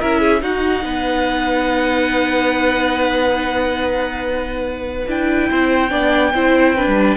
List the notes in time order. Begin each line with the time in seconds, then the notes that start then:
0.00 C#4 E4 A#4 E5
0.21 G#4
0.42 D#4 F#4 F#5
0.84 B3 B4
5.07 D4 E4 G5
5.50 C4 C5
5.90 B3 D4 D5
6.34 C4 E4 C5
6.76 D4 B4
6.87 G3